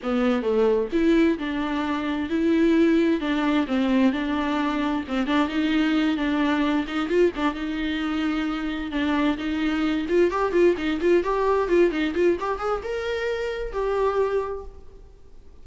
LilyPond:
\new Staff \with { instrumentName = "viola" } { \time 4/4 \tempo 4 = 131 b4 a4 e'4 d'4~ | d'4 e'2 d'4 | c'4 d'2 c'8 d'8 | dis'4. d'4. dis'8 f'8 |
d'8 dis'2. d'8~ | d'8 dis'4. f'8 g'8 f'8 dis'8 | f'8 g'4 f'8 dis'8 f'8 g'8 gis'8 | ais'2 g'2 | }